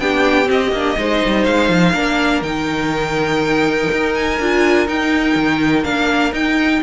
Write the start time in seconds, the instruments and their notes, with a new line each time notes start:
0.00 cello B3, viola D4, violin G4 G5
0.46 viola C4, cello C4, violin D#5
0.72 cello A#3, viola D4
0.97 cello G#3, viola D#4, violin C5
1.26 cello G3
1.45 cello G#3, violin F5
1.69 cello F3
1.93 cello A#3, viola D4, violin A#4
2.42 cello D#3, viola D#4, violin G5
3.93 cello D#4
4.15 violin G#5
4.40 cello D4, viola F4
4.87 viola D#4, cello D#4, violin G5
5.36 cello D#3
5.84 cello A#3, viola D4, violin F5
6.32 cello D#4, viola D#4, violin G5